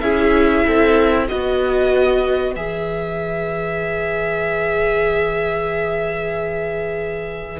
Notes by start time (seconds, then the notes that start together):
0.00 C#4 E4 G#4 E5
0.66 C4 A4
1.28 B3 F#4 B4 D#5
2.55 E3 G#4 E5